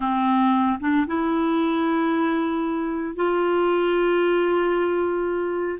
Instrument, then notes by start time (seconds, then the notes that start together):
clarinet
0.00 C4
0.80 D4
1.06 E4
3.15 F4